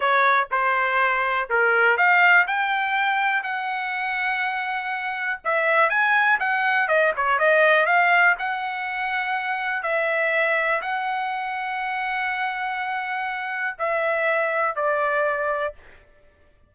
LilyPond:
\new Staff \with { instrumentName = "trumpet" } { \time 4/4 \tempo 4 = 122 cis''4 c''2 ais'4 | f''4 g''2 fis''4~ | fis''2. e''4 | gis''4 fis''4 dis''8 cis''8 dis''4 |
f''4 fis''2. | e''2 fis''2~ | fis''1 | e''2 d''2 | }